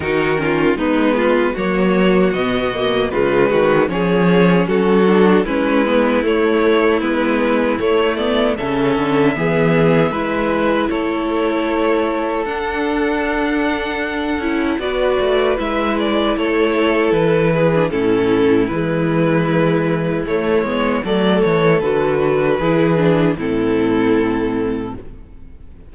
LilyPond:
<<
  \new Staff \with { instrumentName = "violin" } { \time 4/4 \tempo 4 = 77 ais'4 b'4 cis''4 dis''4 | b'4 cis''4 a'4 b'4 | cis''4 b'4 cis''8 d''8 e''4~ | e''2 cis''2 |
fis''2. d''4 | e''8 d''8 cis''4 b'4 a'4 | b'2 cis''4 d''8 cis''8 | b'2 a'2 | }
  \new Staff \with { instrumentName = "violin" } { \time 4/4 fis'8 f'8 dis'8 f'8 fis'2 | f'8 fis'8 gis'4 fis'4 e'4~ | e'2. a'4 | gis'4 b'4 a'2~ |
a'2. b'4~ | b'4 a'4. gis'8 e'4~ | e'2. a'4~ | a'4 gis'4 e'2 | }
  \new Staff \with { instrumentName = "viola" } { \time 4/4 dis'8 cis'8 b4 ais4 b8 ais8 | gis4 cis'4. d'8 cis'8 b8 | a4 b4 a8 b8 cis'4 | b4 e'2. |
d'2~ d'8 e'8 fis'4 | e'2~ e'8. d'16 cis'4 | gis2 a8 b8 a4 | fis'4 e'8 d'8 c'2 | }
  \new Staff \with { instrumentName = "cello" } { \time 4/4 dis4 gis4 fis4 b,4 | cis8 dis8 f4 fis4 gis4 | a4 gis4 a4 cis8 d8 | e4 gis4 a2 |
d'2~ d'8 cis'8 b8 a8 | gis4 a4 e4 a,4 | e2 a8 gis8 fis8 e8 | d4 e4 a,2 | }
>>